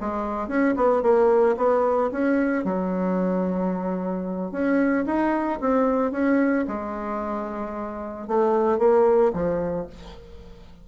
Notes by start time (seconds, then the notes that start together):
0.00 G#3
0.48 C#4
0.76 B3
1.02 A#3
1.56 B3
2.11 C#4
2.64 F#3
4.51 C#4
5.06 D#4
5.60 C4
6.11 C#4
6.67 G#3
8.27 A3
8.78 A#3
9.33 F3